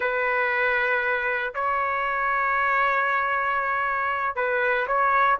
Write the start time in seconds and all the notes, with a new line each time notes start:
0.00 B4
1.54 C#5
4.35 B4
4.87 C#5